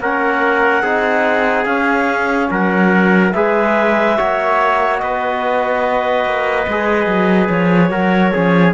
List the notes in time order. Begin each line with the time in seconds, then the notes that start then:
0.00 A#3 C#4 A#4 F#5
0.82 C4 D#4 G#4
1.65 C#4 F5
2.50 F#3 A#4 F#5
3.32 G#3 G#4 B4 E5
4.17 A#3 F#4 C#5
4.98 B3 B4 D#5
6.25 A#3
6.67 G#3 G#4
7.06 F#3
7.49 F3 C#5
7.90 F#3 F#4 A#4
8.33 F3 C#4 G#4